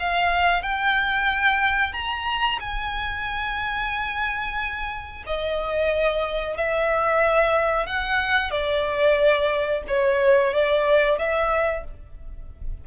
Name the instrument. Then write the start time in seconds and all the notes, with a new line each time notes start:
violin
0.00 F5
0.63 G5
1.93 A#5
2.60 G#5
5.27 D#5
6.58 E5
7.87 F#5
8.51 D5
9.88 C#5
10.54 D5
11.19 E5